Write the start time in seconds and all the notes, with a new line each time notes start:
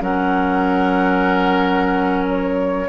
0.00 F#3 C#4 A#4 F#5
2.28 C#5